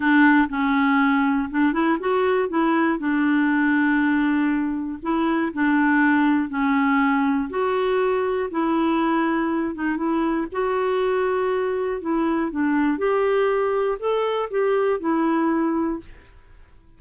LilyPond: \new Staff \with { instrumentName = "clarinet" } { \time 4/4 \tempo 4 = 120 d'4 cis'2 d'8 e'8 | fis'4 e'4 d'2~ | d'2 e'4 d'4~ | d'4 cis'2 fis'4~ |
fis'4 e'2~ e'8 dis'8 | e'4 fis'2. | e'4 d'4 g'2 | a'4 g'4 e'2 | }